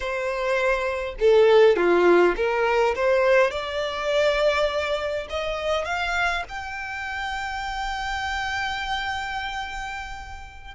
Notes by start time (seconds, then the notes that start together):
0.00 C5
1.19 A4
1.76 F4
2.36 A#4
2.95 C5
3.50 D5
5.29 D#5
5.84 F5
6.48 G5